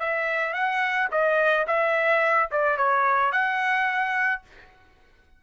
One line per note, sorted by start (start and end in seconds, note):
0.00 0.54 E5
0.54 1.09 F#5
1.12 1.67 D#5
1.68 2.50 E5
2.52 2.78 D5
2.78 3.33 C#5
3.33 4.43 F#5